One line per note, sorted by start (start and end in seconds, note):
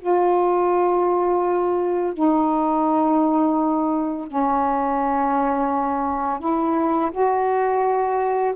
0.00 2.14 F4
2.14 4.28 D#4
4.28 6.40 C#4
6.40 7.11 E4
7.11 8.54 F#4